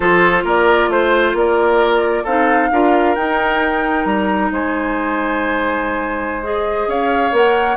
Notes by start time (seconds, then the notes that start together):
0.00 F3 F4 A4 C5
0.44 A#3 A#4 D5
0.89 A3 C5
1.33 A#3 A#4 D5
2.23 C4 D#4 A4 F5
2.71 D4 F4 A#4
3.14 D#4 G5
4.05 G3 A#5
4.51 G#3 C5 G#5
6.43 G#4 D#5
6.87 C#4 C#5 F5
7.31 A#3 A#4 F#5